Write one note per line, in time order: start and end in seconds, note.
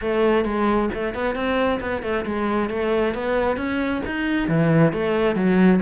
0.01 0.45 A3
0.45 0.89 G#3
0.93 1.14 A3
1.14 1.35 B3
1.35 1.80 C4
1.80 2.02 B3
2.02 2.24 A3
2.25 2.69 G#3
2.69 3.14 A3
3.14 3.57 B3
3.57 4.01 C#4
4.05 4.48 D#4
4.48 4.92 E3
4.92 5.35 A3
5.35 5.80 F#3